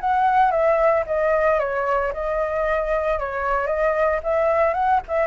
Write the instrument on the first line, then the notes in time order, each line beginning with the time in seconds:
flute
0.00 F#5
0.51 E5
1.06 D#5
1.59 C#5
2.13 D#5
3.19 C#5
3.67 D#5
4.23 E5
4.74 F#5
5.08 E5